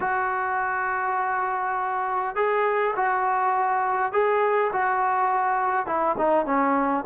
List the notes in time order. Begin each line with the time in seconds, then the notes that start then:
0.00 F#4
2.35 G#4
2.95 F#4
4.12 G#4
4.72 F#4
5.86 E4
6.18 D#4
6.45 C#4